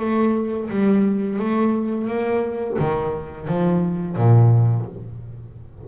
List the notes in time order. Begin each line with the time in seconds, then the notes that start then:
0.00 A3
0.70 G3
1.40 A3
2.08 A#3
2.79 D#3
3.48 F3
4.17 A#2